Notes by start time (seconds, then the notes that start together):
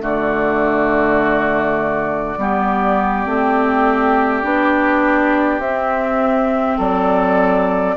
0.00 D3 A3 F#4 D5
2.37 G3 B3 G4
3.25 A3 C4
4.43 B3 D4
5.59 C4 E5
6.77 F#3 A4 D5